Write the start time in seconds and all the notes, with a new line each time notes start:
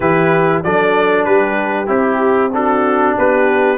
0.00 E3 E4 G4 B4
0.63 F#3 D4 A4 D5
1.24 G3 G4 B4
1.86 C4 E4 G4
2.52 D4 F#4 A4
3.18 B3 G4 B4